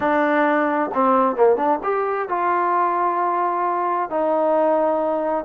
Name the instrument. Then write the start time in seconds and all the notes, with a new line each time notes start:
trombone
0.00 D4
0.93 C4
1.36 A#3
1.56 D4
1.83 G4
2.28 F4
4.10 D#4